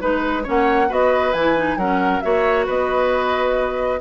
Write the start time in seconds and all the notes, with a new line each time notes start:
0.00 G#3 D#4 B4
0.43 A#3 C#4 C#5 F#5
0.88 B3 F#4 B4 D#5
1.33 E3 E4 G#5
1.56 D#4
1.76 F#3 C#4 A#4 F#5
2.20 A#3 F#4 C#5 E5
2.66 B3 B4 D#5